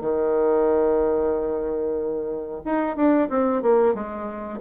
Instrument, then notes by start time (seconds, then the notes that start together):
bassoon
0.00 D#3
2.65 D#4
2.96 D4
3.29 C4
3.62 A#3
3.94 G#3